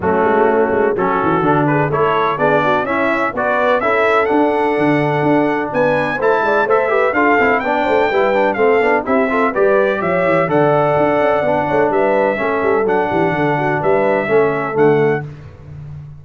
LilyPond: <<
  \new Staff \with { instrumentName = "trumpet" } { \time 4/4 \tempo 4 = 126 fis'2 a'4. b'8 | cis''4 d''4 e''4 d''4 | e''4 fis''2. | gis''4 a''4 e''4 f''4 |
g''2 f''4 e''4 | d''4 e''4 fis''2~ | fis''4 e''2 fis''4~ | fis''4 e''2 fis''4 | }
  \new Staff \with { instrumentName = "horn" } { \time 4/4 cis'2 fis'4. gis'8 | a'4 gis'8 fis'8 e'4 b'4 | a'1 | b'4 c''8 d''8 c''8 b'8 a'4 |
d''8 c''8 b'4 a'4 g'8 a'8 | b'4 cis''4 d''2~ | d''8 cis''8 b'4 a'4. g'8 | a'8 fis'8 b'4 a'2 | }
  \new Staff \with { instrumentName = "trombone" } { \time 4/4 a2 cis'4 d'4 | e'4 d'4 cis'4 fis'4 | e'4 d'2.~ | d'4 e'4 a'8 g'8 f'8 e'8 |
d'4 e'8 d'8 c'8 d'8 e'8 f'8 | g'2 a'2 | d'2 cis'4 d'4~ | d'2 cis'4 a4 | }
  \new Staff \with { instrumentName = "tuba" } { \time 4/4 fis8 gis8 a8 gis8 fis8 e8 d4 | a4 b4 cis'4 b4 | cis'4 d'4 d4 d'4 | b4 a8 gis8 a4 d'8 c'8 |
b8 a8 g4 a8 b8 c'4 | g4 f8 e8 d4 d'8 cis'8 | b8 a8 g4 a8 g8 fis8 e8 | d4 g4 a4 d4 | }
>>